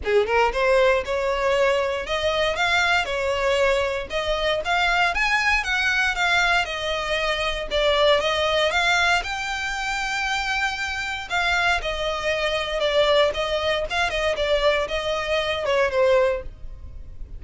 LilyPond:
\new Staff \with { instrumentName = "violin" } { \time 4/4 \tempo 4 = 117 gis'8 ais'8 c''4 cis''2 | dis''4 f''4 cis''2 | dis''4 f''4 gis''4 fis''4 | f''4 dis''2 d''4 |
dis''4 f''4 g''2~ | g''2 f''4 dis''4~ | dis''4 d''4 dis''4 f''8 dis''8 | d''4 dis''4. cis''8 c''4 | }